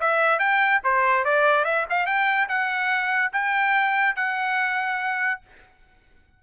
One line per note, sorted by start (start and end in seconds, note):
0.00 0.39 E5
0.39 0.81 G5
0.84 1.24 C5
1.24 1.65 D5
1.65 1.85 E5
1.89 2.06 F5
2.06 2.48 G5
2.48 3.32 F#5
3.32 4.16 G5
4.16 5.41 F#5